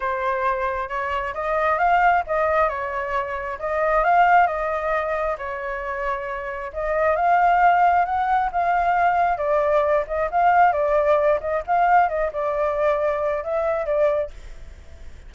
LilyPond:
\new Staff \with { instrumentName = "flute" } { \time 4/4 \tempo 4 = 134 c''2 cis''4 dis''4 | f''4 dis''4 cis''2 | dis''4 f''4 dis''2 | cis''2. dis''4 |
f''2 fis''4 f''4~ | f''4 d''4. dis''8 f''4 | d''4. dis''8 f''4 dis''8 d''8~ | d''2 e''4 d''4 | }